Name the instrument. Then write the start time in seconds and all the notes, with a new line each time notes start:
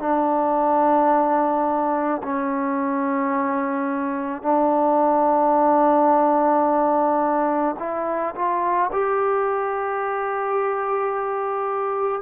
trombone
0.00 D4
2.23 C#4
4.42 D4
7.79 E4
8.35 F4
8.92 G4